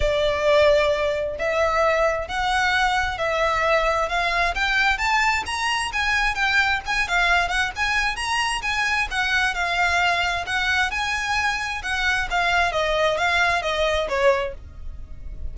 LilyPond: \new Staff \with { instrumentName = "violin" } { \time 4/4 \tempo 4 = 132 d''2. e''4~ | e''4 fis''2 e''4~ | e''4 f''4 g''4 a''4 | ais''4 gis''4 g''4 gis''8 f''8~ |
f''8 fis''8 gis''4 ais''4 gis''4 | fis''4 f''2 fis''4 | gis''2 fis''4 f''4 | dis''4 f''4 dis''4 cis''4 | }